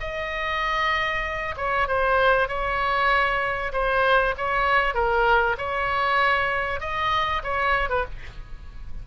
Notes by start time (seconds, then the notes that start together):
0.00 D#5
1.57 C#5
1.88 C5
2.48 C#5
3.72 C5
4.37 C#5
4.94 A#4
5.57 C#5
6.80 D#5
7.43 C#5
7.89 B4